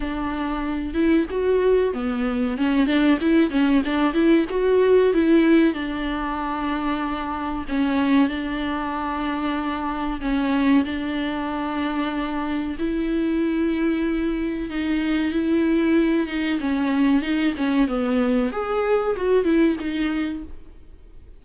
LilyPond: \new Staff \with { instrumentName = "viola" } { \time 4/4 \tempo 4 = 94 d'4. e'8 fis'4 b4 | cis'8 d'8 e'8 cis'8 d'8 e'8 fis'4 | e'4 d'2. | cis'4 d'2. |
cis'4 d'2. | e'2. dis'4 | e'4. dis'8 cis'4 dis'8 cis'8 | b4 gis'4 fis'8 e'8 dis'4 | }